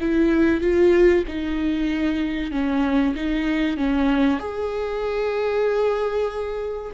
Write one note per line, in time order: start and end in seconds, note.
0.00 0.61 E4
0.61 1.24 F4
1.28 2.51 D#4
2.51 3.14 C#4
3.15 3.77 D#4
3.77 4.39 C#4
4.39 6.92 G#4